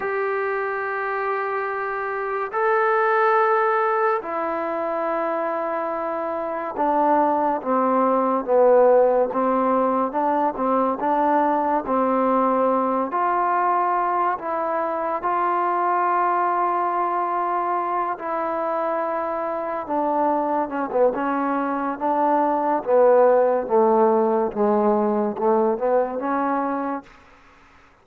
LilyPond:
\new Staff \with { instrumentName = "trombone" } { \time 4/4 \tempo 4 = 71 g'2. a'4~ | a'4 e'2. | d'4 c'4 b4 c'4 | d'8 c'8 d'4 c'4. f'8~ |
f'4 e'4 f'2~ | f'4. e'2 d'8~ | d'8 cis'16 b16 cis'4 d'4 b4 | a4 gis4 a8 b8 cis'4 | }